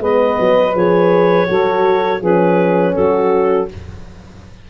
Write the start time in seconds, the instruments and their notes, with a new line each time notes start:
0.00 tuba G#3, horn B3, saxophone B4, clarinet D#5
0.40 tuba F#3
0.75 tuba F3, horn G#4, clarinet C#5
1.47 tuba F#3, horn F#4, saxophone A4
2.19 tuba F3, horn C#4, saxophone G#4, clarinet B4
2.95 tuba F#3, saxophone F#4, clarinet A4